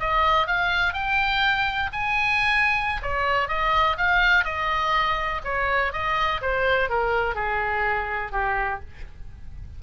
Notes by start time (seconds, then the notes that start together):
0.00 D#5
0.47 F5
0.94 G5
1.93 G#5
3.02 C#5
3.49 D#5
3.98 F5
4.45 D#5
5.45 C#5
5.93 D#5
6.42 C5
6.90 A#4
7.35 G#4
8.32 G4